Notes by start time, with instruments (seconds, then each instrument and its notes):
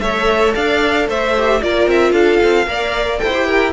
0.00 cello A3, viola A4, violin C#5 E5
0.55 cello D4, violin D5 F5
1.08 cello A3, violin C5 E5
1.37 viola G4
1.62 cello A#3, viola F4, violin A#4 D5
1.87 cello C4, violin E5
2.12 cello D4, violin A4 F5
2.43 cello C4
2.66 cello A#3, viola A#4, violin D5
3.18 cello E4, viola A4, violin C5 G5
3.34 viola G4
3.47 violin A#4